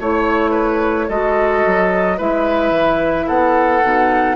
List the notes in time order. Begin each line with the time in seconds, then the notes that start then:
0.00 A3 E4 C#5
0.51 B4
1.09 G#3 F#4 A4 D#5
1.67 F#3
2.17 G#3 E4 B4 E5
2.71 E3
3.28 B3 A4 F#5
3.82 B2 D#4